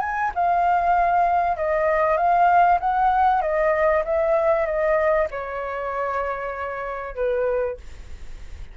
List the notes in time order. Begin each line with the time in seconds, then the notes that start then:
0.00 G#5
0.35 F5
1.57 D#5
2.17 F5
2.80 F#5
3.41 D#5
4.05 E5
4.66 D#5
5.31 C#5
7.15 B4